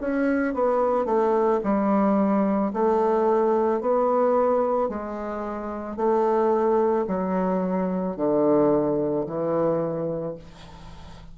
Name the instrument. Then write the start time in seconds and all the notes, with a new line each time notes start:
bassoon
0.00 C#4
0.54 B3
1.05 A3
1.63 G3
2.73 A3
3.80 B3
4.88 G#3
5.96 A3
7.07 F#3
8.16 D3
9.26 E3